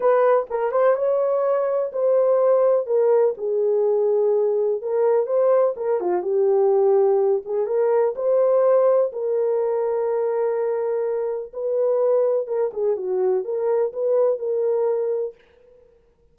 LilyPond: \new Staff \with { instrumentName = "horn" } { \time 4/4 \tempo 4 = 125 b'4 ais'8 c''8 cis''2 | c''2 ais'4 gis'4~ | gis'2 ais'4 c''4 | ais'8 f'8 g'2~ g'8 gis'8 |
ais'4 c''2 ais'4~ | ais'1 | b'2 ais'8 gis'8 fis'4 | ais'4 b'4 ais'2 | }